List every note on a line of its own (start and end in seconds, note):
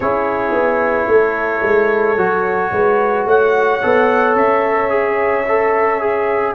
0.00 0.51 C#4
0.00 2.17 E4
0.00 1.08 G#4
0.00 3.26 C#5
0.51 1.06 B3
1.07 1.61 A3
1.07 2.73 A4
1.62 2.16 G#3
2.16 2.71 F#3
2.16 3.81 F#4
2.71 3.25 G#3
2.71 3.27 B4
3.25 3.80 A3
3.25 6.54 C#5
3.25 4.36 F#5
3.82 4.35 B3
3.82 4.89 A4
4.35 6.54 C#4
4.35 6.54 E5
4.89 5.44 G#4
5.48 6.00 A4
6.00 6.54 G#4